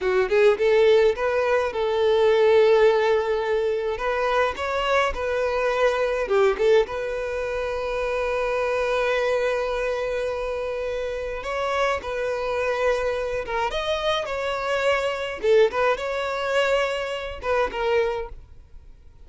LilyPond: \new Staff \with { instrumentName = "violin" } { \time 4/4 \tempo 4 = 105 fis'8 gis'8 a'4 b'4 a'4~ | a'2. b'4 | cis''4 b'2 g'8 a'8 | b'1~ |
b'1 | cis''4 b'2~ b'8 ais'8 | dis''4 cis''2 a'8 b'8 | cis''2~ cis''8 b'8 ais'4 | }